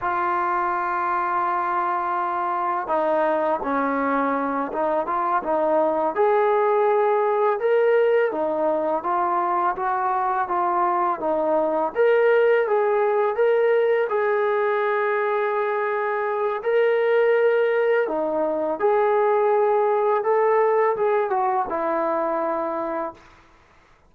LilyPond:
\new Staff \with { instrumentName = "trombone" } { \time 4/4 \tempo 4 = 83 f'1 | dis'4 cis'4. dis'8 f'8 dis'8~ | dis'8 gis'2 ais'4 dis'8~ | dis'8 f'4 fis'4 f'4 dis'8~ |
dis'8 ais'4 gis'4 ais'4 gis'8~ | gis'2. ais'4~ | ais'4 dis'4 gis'2 | a'4 gis'8 fis'8 e'2 | }